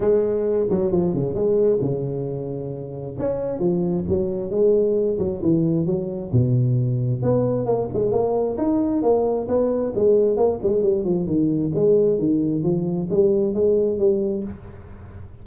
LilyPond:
\new Staff \with { instrumentName = "tuba" } { \time 4/4 \tempo 4 = 133 gis4. fis8 f8 cis8 gis4 | cis2. cis'4 | f4 fis4 gis4. fis8 | e4 fis4 b,2 |
b4 ais8 gis8 ais4 dis'4 | ais4 b4 gis4 ais8 gis8 | g8 f8 dis4 gis4 dis4 | f4 g4 gis4 g4 | }